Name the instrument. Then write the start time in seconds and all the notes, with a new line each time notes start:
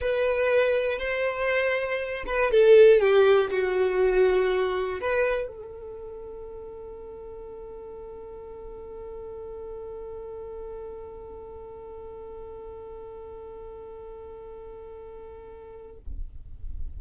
violin
0.00 B4
0.99 C5
2.26 B4
2.51 A4
3.00 G4
3.50 F#4
5.00 B4
5.47 A4